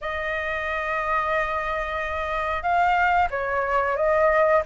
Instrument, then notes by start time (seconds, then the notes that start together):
flute
0.01 D#5
2.62 F5
3.30 C#5
3.96 D#5